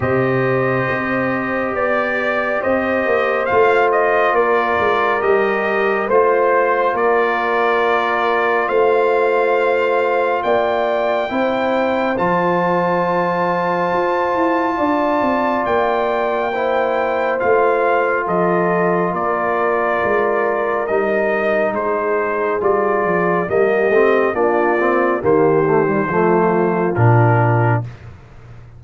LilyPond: <<
  \new Staff \with { instrumentName = "trumpet" } { \time 4/4 \tempo 4 = 69 dis''2 d''4 dis''4 | f''8 dis''8 d''4 dis''4 c''4 | d''2 f''2 | g''2 a''2~ |
a''2 g''2 | f''4 dis''4 d''2 | dis''4 c''4 d''4 dis''4 | d''4 c''2 ais'4 | }
  \new Staff \with { instrumentName = "horn" } { \time 4/4 c''2 d''4 c''4~ | c''4 ais'2 c''4 | ais'2 c''2 | d''4 c''2.~ |
c''4 d''2 c''4~ | c''4 a'4 ais'2~ | ais'4 gis'2 g'4 | f'4 g'4 f'2 | }
  \new Staff \with { instrumentName = "trombone" } { \time 4/4 g'1 | f'2 g'4 f'4~ | f'1~ | f'4 e'4 f'2~ |
f'2. e'4 | f'1 | dis'2 f'4 ais8 c'8 | d'8 c'8 ais8 a16 g16 a4 d'4 | }
  \new Staff \with { instrumentName = "tuba" } { \time 4/4 c4 c'4 b4 c'8 ais8 | a4 ais8 gis8 g4 a4 | ais2 a2 | ais4 c'4 f2 |
f'8 e'8 d'8 c'8 ais2 | a4 f4 ais4 gis4 | g4 gis4 g8 f8 g8 a8 | ais4 dis4 f4 ais,4 | }
>>